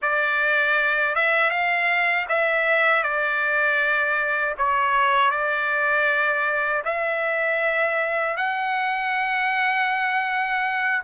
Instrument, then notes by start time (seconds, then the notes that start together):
trumpet
0.02 D5
1.15 E5
1.50 F5
2.29 E5
3.03 D5
4.57 C#5
5.30 D5
6.85 E5
8.36 F#5